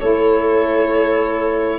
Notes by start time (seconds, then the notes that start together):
0.00 A3 E4 A4 C#5